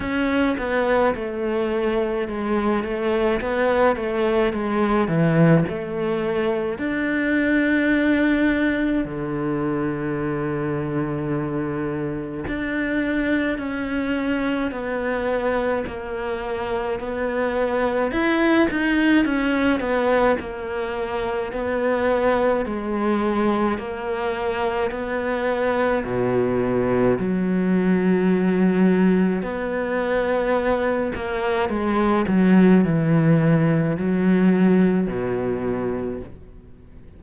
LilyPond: \new Staff \with { instrumentName = "cello" } { \time 4/4 \tempo 4 = 53 cis'8 b8 a4 gis8 a8 b8 a8 | gis8 e8 a4 d'2 | d2. d'4 | cis'4 b4 ais4 b4 |
e'8 dis'8 cis'8 b8 ais4 b4 | gis4 ais4 b4 b,4 | fis2 b4. ais8 | gis8 fis8 e4 fis4 b,4 | }